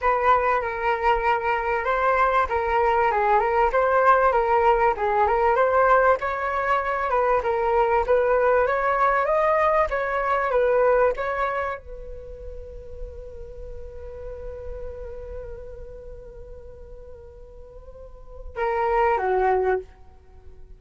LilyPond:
\new Staff \with { instrumentName = "flute" } { \time 4/4 \tempo 4 = 97 b'4 ais'2 c''4 | ais'4 gis'8 ais'8 c''4 ais'4 | gis'8 ais'8 c''4 cis''4. b'8 | ais'4 b'4 cis''4 dis''4 |
cis''4 b'4 cis''4 b'4~ | b'1~ | b'1~ | b'2 ais'4 fis'4 | }